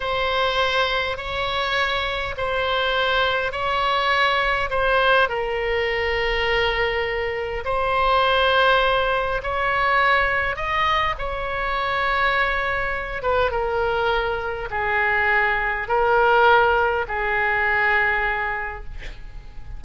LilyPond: \new Staff \with { instrumentName = "oboe" } { \time 4/4 \tempo 4 = 102 c''2 cis''2 | c''2 cis''2 | c''4 ais'2.~ | ais'4 c''2. |
cis''2 dis''4 cis''4~ | cis''2~ cis''8 b'8 ais'4~ | ais'4 gis'2 ais'4~ | ais'4 gis'2. | }